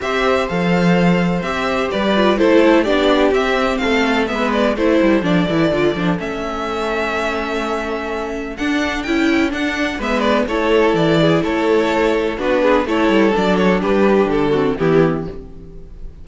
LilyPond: <<
  \new Staff \with { instrumentName = "violin" } { \time 4/4 \tempo 4 = 126 e''4 f''2 e''4 | d''4 c''4 d''4 e''4 | f''4 e''8 d''8 c''4 d''4~ | d''4 e''2.~ |
e''2 fis''4 g''4 | fis''4 e''8 d''8 cis''4 d''4 | cis''2 b'4 cis''4 | d''8 cis''8 b'4 a'4 g'4 | }
  \new Staff \with { instrumentName = "violin" } { \time 4/4 c''1 | b'4 a'4 g'2 | a'4 b'4 a'2~ | a'1~ |
a'1~ | a'4 b'4 a'4. gis'8 | a'2 fis'8 gis'8 a'4~ | a'4 g'4. fis'8 e'4 | }
  \new Staff \with { instrumentName = "viola" } { \time 4/4 g'4 a'2 g'4~ | g'8 f'8 e'4 d'4 c'4~ | c'4 b4 e'4 d'8 e'8 | f'8 d'8 cis'2.~ |
cis'2 d'4 e'4 | d'4 b4 e'2~ | e'2 d'4 e'4 | d'2~ d'8 c'8 b4 | }
  \new Staff \with { instrumentName = "cello" } { \time 4/4 c'4 f2 c'4 | g4 a4 b4 c'4 | a4 gis4 a8 g8 f8 e8 | d8 f8 a2.~ |
a2 d'4 cis'4 | d'4 gis4 a4 e4 | a2 b4 a8 g8 | fis4 g4 d4 e4 | }
>>